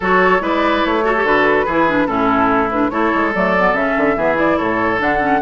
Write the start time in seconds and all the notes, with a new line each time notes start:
0.00 F#3 F#4 A4 C#5
0.40 G#3 E4 B4 D5
0.85 A3 C#5
1.03 F#4 A4
1.16 G4
1.23 D3 F#4 B4
1.65 E3 E4 G#4
1.88 D4
2.06 A2 C#4 E4 A4
2.71 D4 B4
2.90 A3 E4 A4 C#5
3.14 G#3
3.34 F#3 A3 D5
3.58 B3
3.73 C#3 C#4 E5
3.97 D3
4.16 E3 B3 G#4
4.34 E4 D5
4.57 A2 A4 C#5
4.98 D3 D4 F#5
5.19 C#4